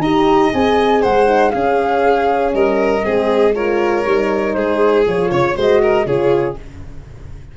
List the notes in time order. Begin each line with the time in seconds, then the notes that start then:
0.00 D#4 G4 D#5 A#5
0.54 C4 G#4 G#5
1.02 G#3 C5 F#5
1.27 D#4
1.51 C#4 G#4 F5
2.54 G3 A#4 D#5
3.03 G#3 C4 G#4
3.55 F4 A#4 C#5
4.06 G3 D#4
4.54 G#3 G#4 C5
5.07 F3 F4 C#5
5.31 C#3 C#5
5.56 G#3 F#4 C5 D#5
5.83 A#4
6.06 C#3 F4 G#4 C#5